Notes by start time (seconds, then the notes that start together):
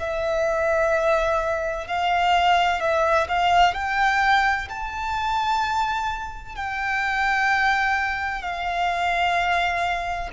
0.00 E5
1.87 F5
2.80 E5
3.29 F5
3.74 G5
4.69 A5
6.56 G5
8.42 F5